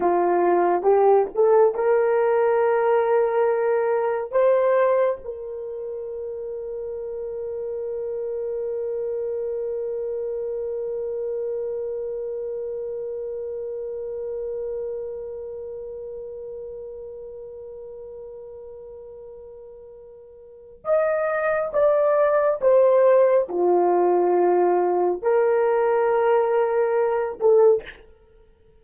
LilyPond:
\new Staff \with { instrumentName = "horn" } { \time 4/4 \tempo 4 = 69 f'4 g'8 a'8 ais'2~ | ais'4 c''4 ais'2~ | ais'1~ | ais'1~ |
ais'1~ | ais'1 | dis''4 d''4 c''4 f'4~ | f'4 ais'2~ ais'8 a'8 | }